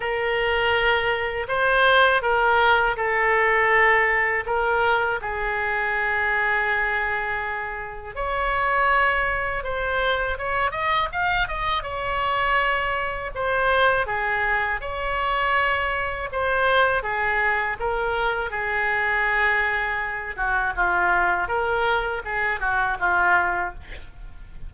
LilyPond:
\new Staff \with { instrumentName = "oboe" } { \time 4/4 \tempo 4 = 81 ais'2 c''4 ais'4 | a'2 ais'4 gis'4~ | gis'2. cis''4~ | cis''4 c''4 cis''8 dis''8 f''8 dis''8 |
cis''2 c''4 gis'4 | cis''2 c''4 gis'4 | ais'4 gis'2~ gis'8 fis'8 | f'4 ais'4 gis'8 fis'8 f'4 | }